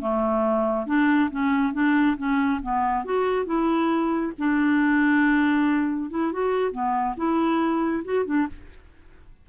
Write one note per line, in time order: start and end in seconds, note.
0.00 0.86 A3
0.86 1.30 D4
1.31 1.73 C#4
1.73 2.16 D4
2.17 2.60 C#4
2.62 3.05 B3
3.05 3.45 F#4
3.45 4.32 E4
4.38 6.10 D4
6.10 6.32 E4
6.32 6.71 F#4
6.71 7.15 B3
7.16 8.03 E4
8.04 8.25 F#4
8.25 8.47 D4